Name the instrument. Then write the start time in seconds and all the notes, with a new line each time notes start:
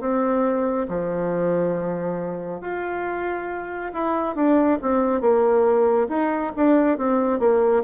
bassoon
0.00 C4
0.88 F3
2.61 F4
3.93 E4
4.35 D4
4.81 C4
5.21 A#3
6.09 D#4
6.56 D4
6.98 C4
7.40 A#3